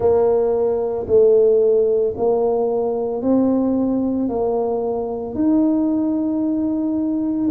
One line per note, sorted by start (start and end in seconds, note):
0.00 1.06 A#3
1.07 2.14 A3
2.16 3.21 A#3
3.21 4.29 C4
4.29 5.34 A#3
5.34 7.49 D#4